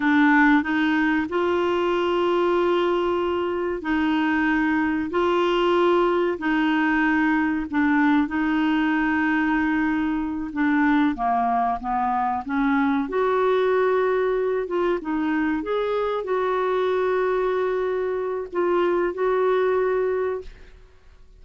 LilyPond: \new Staff \with { instrumentName = "clarinet" } { \time 4/4 \tempo 4 = 94 d'4 dis'4 f'2~ | f'2 dis'2 | f'2 dis'2 | d'4 dis'2.~ |
dis'8 d'4 ais4 b4 cis'8~ | cis'8 fis'2~ fis'8 f'8 dis'8~ | dis'8 gis'4 fis'2~ fis'8~ | fis'4 f'4 fis'2 | }